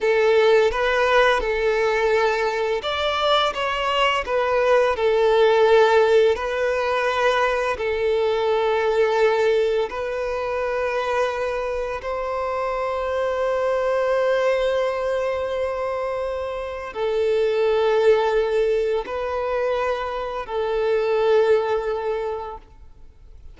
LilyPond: \new Staff \with { instrumentName = "violin" } { \time 4/4 \tempo 4 = 85 a'4 b'4 a'2 | d''4 cis''4 b'4 a'4~ | a'4 b'2 a'4~ | a'2 b'2~ |
b'4 c''2.~ | c''1 | a'2. b'4~ | b'4 a'2. | }